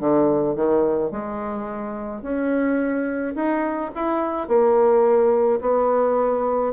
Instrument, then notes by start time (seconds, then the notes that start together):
bassoon
0.00 D3
0.56 D#3
1.12 G#3
2.23 C#4
3.36 D#4
3.96 E4
4.48 A#3
5.61 B3